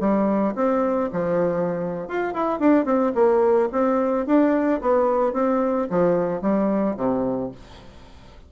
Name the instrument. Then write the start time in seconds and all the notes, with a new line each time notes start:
bassoon
0.00 G3
0.55 C4
1.12 F3
2.08 F4
2.33 E4
2.59 D4
2.85 C4
3.15 A#3
3.72 C4
4.26 D4
4.81 B3
5.33 C4
5.90 F3
6.41 G3
6.97 C3